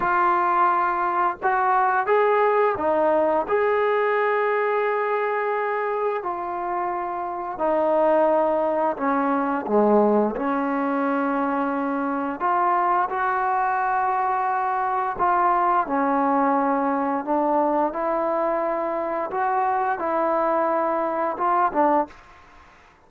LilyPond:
\new Staff \with { instrumentName = "trombone" } { \time 4/4 \tempo 4 = 87 f'2 fis'4 gis'4 | dis'4 gis'2.~ | gis'4 f'2 dis'4~ | dis'4 cis'4 gis4 cis'4~ |
cis'2 f'4 fis'4~ | fis'2 f'4 cis'4~ | cis'4 d'4 e'2 | fis'4 e'2 f'8 d'8 | }